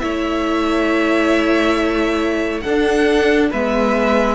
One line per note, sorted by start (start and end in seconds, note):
0.00 2.64 A3
0.00 2.62 E4
0.00 2.64 C#5
0.00 2.61 E5
2.62 3.51 D4
2.62 3.51 A4
2.62 3.49 F#5
2.68 3.53 D4
3.51 4.35 G#3
3.51 4.35 B3
3.51 4.35 B4
3.51 4.35 E5